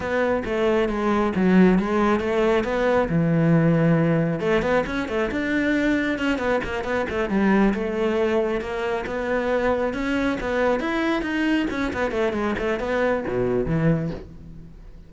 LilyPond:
\new Staff \with { instrumentName = "cello" } { \time 4/4 \tempo 4 = 136 b4 a4 gis4 fis4 | gis4 a4 b4 e4~ | e2 a8 b8 cis'8 a8 | d'2 cis'8 b8 ais8 b8 |
a8 g4 a2 ais8~ | ais8 b2 cis'4 b8~ | b8 e'4 dis'4 cis'8 b8 a8 | gis8 a8 b4 b,4 e4 | }